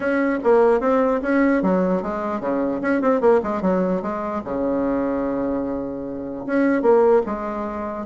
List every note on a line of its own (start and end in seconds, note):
0.00 0.38 C#4
0.43 0.80 A#3
0.80 1.20 C4
1.22 1.62 C#4
1.62 2.02 F#3
2.02 2.40 G#3
2.40 2.80 C#3
2.81 3.01 C#4
3.01 3.20 C4
3.20 3.40 A#3
3.43 3.61 G#3
3.61 4.01 F#3
4.01 4.42 G#3
4.44 6.45 C#3
6.46 6.81 C#4
6.81 7.22 A#3
7.26 8.06 G#3